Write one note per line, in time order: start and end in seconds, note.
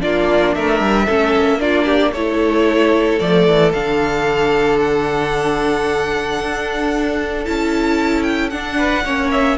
0.00 0.56 A#3
0.00 1.06 D4
0.00 0.55 F4
0.00 0.55 D5
0.55 0.80 A3
0.55 1.06 A#4
0.55 1.60 E5
0.80 1.06 G3
1.06 1.36 A3
1.06 1.59 C#4
1.06 1.59 A4
1.36 2.13 A#3
1.59 2.12 D4
1.59 1.85 F4
1.59 2.13 D5
1.85 2.11 G4
2.12 3.19 A3
2.12 3.20 E4
2.12 8.76 A4
2.12 3.19 C#5
3.19 3.47 F3
3.19 3.74 A3
3.19 3.72 D5
3.47 3.73 E3
3.73 6.39 D3
3.73 7.45 D4
3.73 4.79 F5
4.79 7.45 F#5
6.39 7.45 D4
7.45 8.52 C#4
7.45 8.51 E4
7.45 8.22 A5
8.22 8.49 G5
8.50 9.04 D4
8.50 9.05 D4
8.50 9.30 F#5
8.77 9.04 B4
9.04 9.57 A#3
9.04 9.57 C#4
9.04 9.57 C#5
9.31 9.57 E5